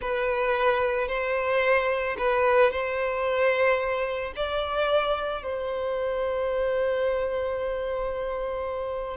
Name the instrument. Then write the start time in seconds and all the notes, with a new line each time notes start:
violin
0.01 B4
1.08 C5
2.18 B4
2.71 C5
4.35 D5
5.43 C5